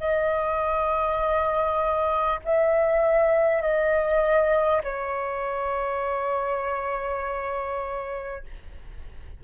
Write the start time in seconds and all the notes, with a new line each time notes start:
0.00 D#5
2.45 E5
3.62 D#5
4.84 C#5